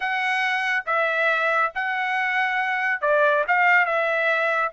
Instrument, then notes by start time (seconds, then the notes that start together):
trumpet
0.00 F#5
0.86 E5
1.75 F#5
3.01 D5
3.47 F5
3.85 E5